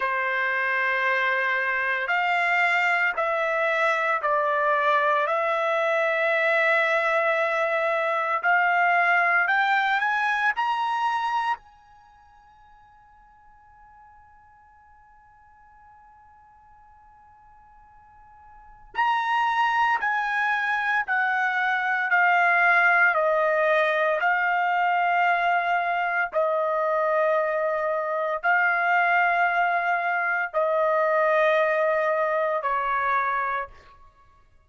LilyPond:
\new Staff \with { instrumentName = "trumpet" } { \time 4/4 \tempo 4 = 57 c''2 f''4 e''4 | d''4 e''2. | f''4 g''8 gis''8 ais''4 gis''4~ | gis''1~ |
gis''2 ais''4 gis''4 | fis''4 f''4 dis''4 f''4~ | f''4 dis''2 f''4~ | f''4 dis''2 cis''4 | }